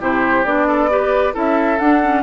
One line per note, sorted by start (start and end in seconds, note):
0.00 0.45 C3
0.00 0.45 E4
0.00 0.67 G4
0.00 0.44 C5
0.44 1.34 B3
0.44 0.89 D4
0.44 1.33 D5
0.67 0.90 A4
0.89 1.33 G4
0.89 1.34 B4
1.33 1.79 C#4
1.33 1.78 E4
1.33 2.23 A4
1.33 1.79 E5
1.78 2.01 D4
1.78 2.23 D4
1.78 2.23 F#5
2.02 2.23 C#4